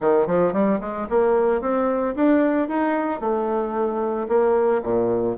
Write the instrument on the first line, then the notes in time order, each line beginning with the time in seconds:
bassoon
0.00 D#3
0.27 F3
0.52 G3
0.80 G#3
1.09 A#3
1.61 C4
2.15 D4
2.68 D#4
3.20 A3
4.28 A#3
4.82 A#2